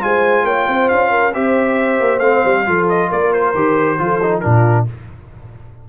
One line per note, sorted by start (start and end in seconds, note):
0.00 0.44 G#3
0.00 1.32 F4
0.00 0.45 C5
0.00 0.46 G#5
0.44 0.66 A#3
0.44 0.67 C#5
0.44 0.89 G5
0.67 0.90 C4
0.67 1.11 C5
0.89 1.35 C#4
0.89 1.33 F5
1.11 1.33 A#4
1.33 2.00 C4
1.33 2.21 G4
1.33 2.66 C5
1.33 2.19 E5
2.00 2.19 A#3
2.19 2.42 A3
2.19 2.65 C4
2.19 2.85 F5
2.45 2.67 G3
2.65 3.11 F3
2.65 3.54 F4
2.65 3.10 A4
2.89 3.11 D#5
3.10 3.54 A#3
3.10 3.98 A#4
3.10 3.33 D5
3.33 4.40 C5
3.54 3.98 D#3
3.54 3.99 G4
3.99 4.44 F3
3.99 4.21 F4
3.99 4.43 A4
4.23 4.42 D#4
4.40 4.89 A#2
4.40 4.86 D4
4.40 4.87 F4
4.40 4.84 A#4